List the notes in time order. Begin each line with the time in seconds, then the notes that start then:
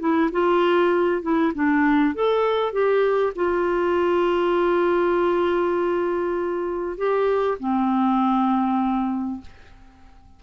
0.00 E4
0.32 F4
1.22 E4
1.55 D4
2.15 A4
2.73 G4
3.36 F4
6.98 G4
7.60 C4